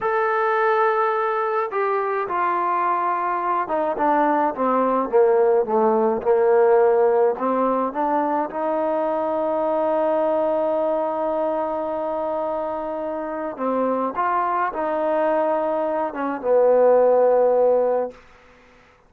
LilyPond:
\new Staff \with { instrumentName = "trombone" } { \time 4/4 \tempo 4 = 106 a'2. g'4 | f'2~ f'8 dis'8 d'4 | c'4 ais4 a4 ais4~ | ais4 c'4 d'4 dis'4~ |
dis'1~ | dis'1 | c'4 f'4 dis'2~ | dis'8 cis'8 b2. | }